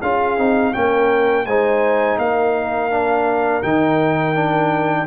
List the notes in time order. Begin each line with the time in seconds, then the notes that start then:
0.00 C#4 F4 G#4 F5
0.38 C4 D#4
0.73 A#3 C#4 A#4 G5
1.46 G#3 D#4 C5 G#5
2.18 A#3 A#4 F5
2.91 D4
3.63 D#3 D#4 G5
4.35 D4